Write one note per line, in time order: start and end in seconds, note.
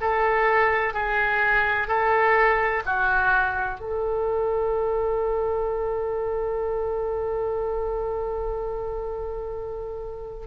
0.00 0.93 A4
0.93 1.87 G#4
1.87 2.83 A4
2.85 3.80 F#4
3.80 10.46 A4